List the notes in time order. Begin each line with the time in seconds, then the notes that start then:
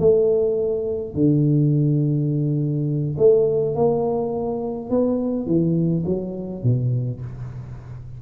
0.00 A3
1.15 D3
3.18 A3
3.76 A#3
4.90 B3
5.47 E3
6.06 F#3
6.63 B2